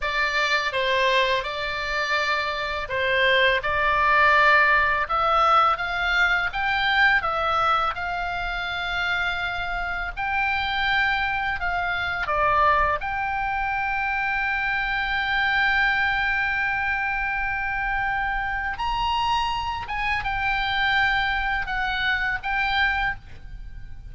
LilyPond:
\new Staff \with { instrumentName = "oboe" } { \time 4/4 \tempo 4 = 83 d''4 c''4 d''2 | c''4 d''2 e''4 | f''4 g''4 e''4 f''4~ | f''2 g''2 |
f''4 d''4 g''2~ | g''1~ | g''2 ais''4. gis''8 | g''2 fis''4 g''4 | }